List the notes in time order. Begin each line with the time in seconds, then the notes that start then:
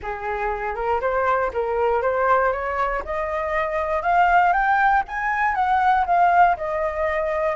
0.02 G#4
0.75 A#4
1.00 C5
1.53 A#4
2.02 C5
2.52 C#5
3.05 D#5
4.02 F5
4.52 G5
5.08 G#5
5.55 F#5
6.05 F5
6.57 D#5